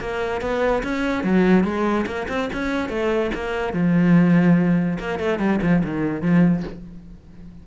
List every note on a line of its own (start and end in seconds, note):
0.00 0.41 A#3
0.41 0.83 B3
0.83 1.23 C#4
1.23 1.64 F#3
1.64 2.05 G#3
2.06 2.27 A#3
2.28 2.49 C4
2.52 2.89 C#4
2.89 3.31 A3
3.34 3.73 A#3
3.73 4.98 F3
4.99 5.19 A#3
5.19 5.39 A3
5.39 5.59 G3
5.62 5.83 F3
5.84 6.22 D#3
6.22 6.63 F3